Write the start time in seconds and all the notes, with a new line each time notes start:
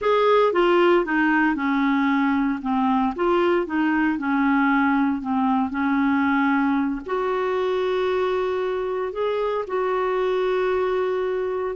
0.01 G#4
0.52 F4
1.05 D#4
1.55 C#4
2.61 C4
3.15 F4
3.66 D#4
4.18 C#4
5.21 C4
5.70 C#4
7.06 F#4
9.12 G#4
9.67 F#4